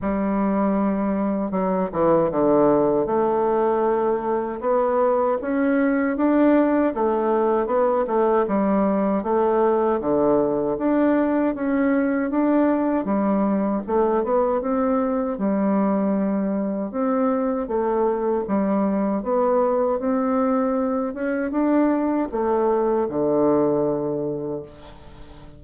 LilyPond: \new Staff \with { instrumentName = "bassoon" } { \time 4/4 \tempo 4 = 78 g2 fis8 e8 d4 | a2 b4 cis'4 | d'4 a4 b8 a8 g4 | a4 d4 d'4 cis'4 |
d'4 g4 a8 b8 c'4 | g2 c'4 a4 | g4 b4 c'4. cis'8 | d'4 a4 d2 | }